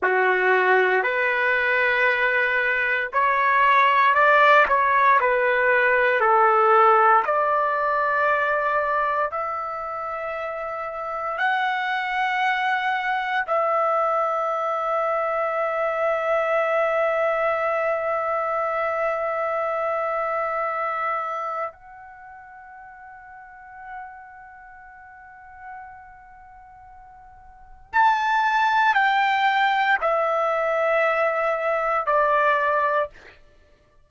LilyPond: \new Staff \with { instrumentName = "trumpet" } { \time 4/4 \tempo 4 = 58 fis'4 b'2 cis''4 | d''8 cis''8 b'4 a'4 d''4~ | d''4 e''2 fis''4~ | fis''4 e''2.~ |
e''1~ | e''4 fis''2.~ | fis''2. a''4 | g''4 e''2 d''4 | }